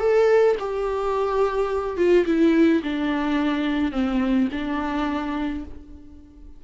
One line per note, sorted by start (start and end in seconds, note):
0.00 0.56 A4
0.60 1.97 G4
1.97 2.25 F4
2.26 2.82 E4
2.83 3.92 D4
3.92 4.48 C4
4.52 5.64 D4